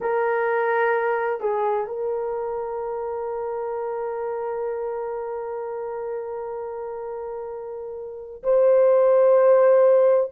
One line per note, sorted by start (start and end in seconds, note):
0.00 1.40 A#4
1.40 1.86 G#4
1.86 8.42 A#4
8.43 10.30 C5